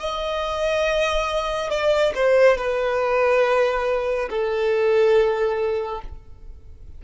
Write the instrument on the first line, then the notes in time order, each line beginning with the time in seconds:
violin
0.00 D#5
1.70 D5
2.15 C5
2.58 B4
4.30 A4